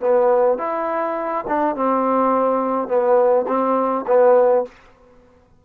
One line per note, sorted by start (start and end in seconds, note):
0.00 0.58 B3
0.58 1.44 E4
1.47 1.75 D4
1.75 2.88 C4
2.88 3.46 B3
3.47 4.05 C4
4.07 4.65 B3